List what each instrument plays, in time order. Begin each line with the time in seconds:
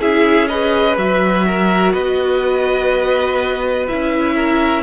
0.00 cello C#4, viola E4, violin G#4 E5
0.47 viola G#4, violin B4 D#5
0.97 cello F#3, viola F#4, violin E5
1.47 violin A#4
1.92 cello B3, violin B4 D#5
3.87 cello C#4, viola E4, violin E5
4.35 violin A#4